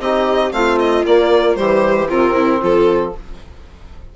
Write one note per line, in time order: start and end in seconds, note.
0.00 0.52 C4
0.00 0.52 D#4
0.00 0.54 G4
0.00 0.53 D#5
0.52 1.05 A3
0.52 1.05 C4
0.52 1.59 F4
0.52 0.79 F5
0.79 1.05 D#5
1.06 1.58 A#3
1.06 1.56 A#3
1.06 1.56 D5
1.56 2.12 E3
1.56 2.08 G3
1.56 2.10 G4
1.56 2.08 C5
2.09 2.63 C3
2.09 3.13 C4
2.09 2.35 F4
2.09 2.62 A#4
2.35 2.61 E4
2.61 3.15 F3
2.61 3.13 F4
2.61 3.16 A4